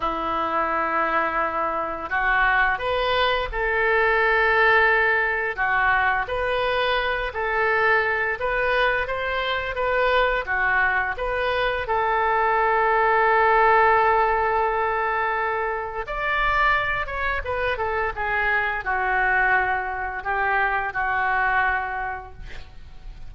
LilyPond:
\new Staff \with { instrumentName = "oboe" } { \time 4/4 \tempo 4 = 86 e'2. fis'4 | b'4 a'2. | fis'4 b'4. a'4. | b'4 c''4 b'4 fis'4 |
b'4 a'2.~ | a'2. d''4~ | d''8 cis''8 b'8 a'8 gis'4 fis'4~ | fis'4 g'4 fis'2 | }